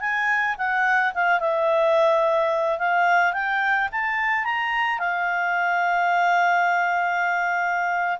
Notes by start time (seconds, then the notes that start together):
0.00 G#5
0.57 F#5
1.14 F5
1.40 E5
2.78 F5
3.33 G5
3.91 A5
4.44 A#5
4.99 F5